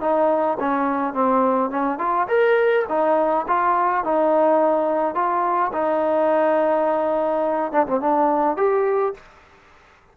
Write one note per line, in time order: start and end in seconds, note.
0.00 0.57 D#4
0.59 1.13 C#4
1.13 1.70 C4
1.70 1.98 C#4
1.98 2.27 F4
2.28 2.85 A#4
2.88 3.45 D#4
3.47 4.04 F4
4.04 5.14 D#4
5.14 5.71 F4
5.72 7.72 D#4
7.72 7.86 D4
7.86 8.00 C4
8.00 8.56 D4
8.56 9.14 G4